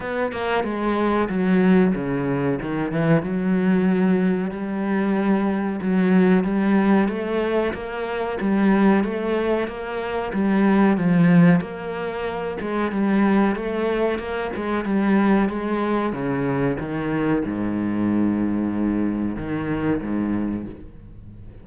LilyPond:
\new Staff \with { instrumentName = "cello" } { \time 4/4 \tempo 4 = 93 b8 ais8 gis4 fis4 cis4 | dis8 e8 fis2 g4~ | g4 fis4 g4 a4 | ais4 g4 a4 ais4 |
g4 f4 ais4. gis8 | g4 a4 ais8 gis8 g4 | gis4 cis4 dis4 gis,4~ | gis,2 dis4 gis,4 | }